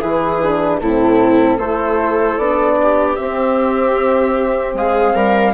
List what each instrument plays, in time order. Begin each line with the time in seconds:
0.00 bassoon E3, horn E4, viola G#4, flute B4
0.44 horn D4
0.81 bassoon A2, horn C4, viola E4, flute A4
1.58 bassoon A3, horn E4, viola A4, flute C5
2.38 bassoon B3, horn D4, flute D5
2.83 viola G4
3.16 horn C4, bassoon C4, flute E5
4.74 bassoon G#3, viola G#4, flute F5
5.15 bassoon G3, viola A#4